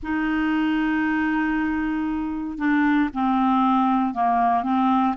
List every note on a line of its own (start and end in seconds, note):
0.02 2.58 D#4
2.58 3.09 D4
3.13 4.14 C4
4.14 4.63 A#3
4.63 5.14 C4